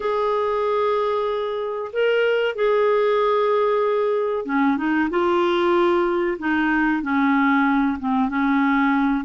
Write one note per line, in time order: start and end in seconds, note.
0.00 1.91 G#4
1.92 2.55 A#4
2.55 4.45 G#4
4.45 4.77 C#4
4.77 5.09 D#4
5.09 6.37 F4
6.38 7.02 D#4
7.02 7.98 C#4
7.99 8.28 C4
8.28 9.24 C#4